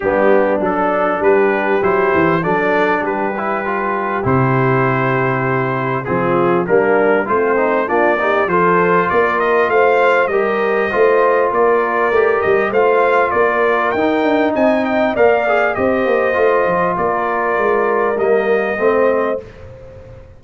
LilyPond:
<<
  \new Staff \with { instrumentName = "trumpet" } { \time 4/4 \tempo 4 = 99 g'4 a'4 b'4 c''4 | d''4 b'2 c''4~ | c''2 gis'4 ais'4 | c''4 d''4 c''4 d''8 dis''8 |
f''4 dis''2 d''4~ | d''8 dis''8 f''4 d''4 g''4 | gis''8 g''8 f''4 dis''2 | d''2 dis''2 | }
  \new Staff \with { instrumentName = "horn" } { \time 4/4 d'2 g'2 | a'4 g'2.~ | g'2 f'4 d'4 | c'4 f'8 g'8 a'4 ais'4 |
c''4 ais'4 c''4 ais'4~ | ais'4 c''4 ais'2 | dis''4 d''4 c''2 | ais'2. c''4 | }
  \new Staff \with { instrumentName = "trombone" } { \time 4/4 b4 d'2 e'4 | d'4. e'8 f'4 e'4~ | e'2 c'4 ais4 | f'8 dis'8 d'8 dis'8 f'2~ |
f'4 g'4 f'2 | g'4 f'2 dis'4~ | dis'4 ais'8 gis'8 g'4 f'4~ | f'2 ais4 c'4 | }
  \new Staff \with { instrumentName = "tuba" } { \time 4/4 g4 fis4 g4 fis8 e8 | fis4 g2 c4~ | c2 f4 g4 | a4 ais4 f4 ais4 |
a4 g4 a4 ais4 | a8 g8 a4 ais4 dis'8 d'8 | c'4 ais4 c'8 ais8 a8 f8 | ais4 gis4 g4 a4 | }
>>